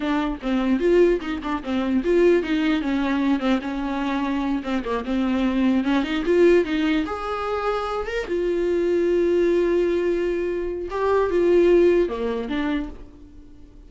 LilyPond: \new Staff \with { instrumentName = "viola" } { \time 4/4 \tempo 4 = 149 d'4 c'4 f'4 dis'8 d'8 | c'4 f'4 dis'4 cis'4~ | cis'8 c'8 cis'2~ cis'8 c'8 | ais8 c'2 cis'8 dis'8 f'8~ |
f'8 dis'4 gis'2~ gis'8 | ais'8 f'2.~ f'8~ | f'2. g'4 | f'2 ais4 d'4 | }